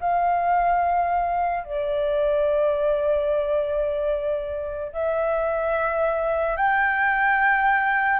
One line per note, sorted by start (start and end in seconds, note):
0.00 1.64 F5
1.64 4.92 D5
4.92 6.56 E5
6.56 8.20 G5